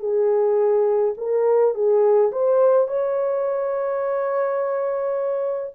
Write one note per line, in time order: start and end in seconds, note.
0.00 1.14 G#4
1.18 1.75 A#4
1.75 2.32 G#4
2.32 2.88 C5
2.88 5.74 C#5